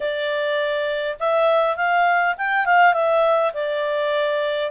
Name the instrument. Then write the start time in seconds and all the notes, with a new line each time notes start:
clarinet
0.00 D5
1.19 E5
1.76 F5
2.37 G5
2.65 F5
2.93 E5
3.53 D5